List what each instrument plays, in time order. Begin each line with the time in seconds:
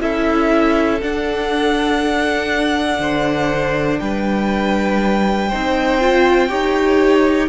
0.00 cello C#4, viola E4, violin A4 E5
1.01 viola D4, cello D4, violin F#5
2.99 cello D3, violin C5
3.99 cello G3, violin B4 G5
5.48 viola D#4, violin C5
5.54 cello C4
6.01 viola F4
6.49 cello D#4, viola G4, violin C#5